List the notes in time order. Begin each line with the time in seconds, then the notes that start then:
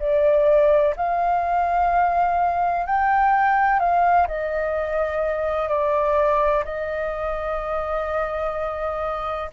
0.00 D5
0.97 F5
2.87 G5
3.80 F5
4.28 D#5
5.69 D5
6.65 D#5